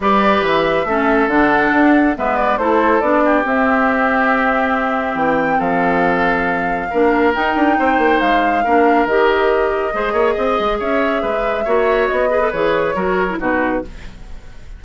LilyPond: <<
  \new Staff \with { instrumentName = "flute" } { \time 4/4 \tempo 4 = 139 d''4 e''2 fis''4~ | fis''4 e''8 d''8 c''4 d''4 | e''1 | g''4 f''2.~ |
f''4 g''2 f''4~ | f''4 dis''2.~ | dis''4 e''2. | dis''4 cis''2 b'4 | }
  \new Staff \with { instrumentName = "oboe" } { \time 4/4 b'2 a'2~ | a'4 b'4 a'4. g'8~ | g'1~ | g'4 a'2. |
ais'2 c''2 | ais'2. c''8 cis''8 | dis''4 cis''4 b'4 cis''4~ | cis''8 b'4. ais'4 fis'4 | }
  \new Staff \with { instrumentName = "clarinet" } { \time 4/4 g'2 cis'4 d'4~ | d'4 b4 e'4 d'4 | c'1~ | c'1 |
d'4 dis'2. | d'4 g'2 gis'4~ | gis'2. fis'4~ | fis'8 gis'16 a'16 gis'4 fis'8. e'16 dis'4 | }
  \new Staff \with { instrumentName = "bassoon" } { \time 4/4 g4 e4 a4 d4 | d'4 gis4 a4 b4 | c'1 | e4 f2. |
ais4 dis'8 d'8 c'8 ais8 gis4 | ais4 dis2 gis8 ais8 | c'8 gis8 cis'4 gis4 ais4 | b4 e4 fis4 b,4 | }
>>